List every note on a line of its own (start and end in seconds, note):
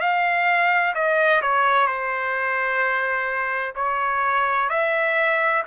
0.00 0.94 F5
0.95 1.41 D#5
1.42 1.87 C#5
1.87 3.74 C5
3.75 4.69 C#5
4.69 5.63 E5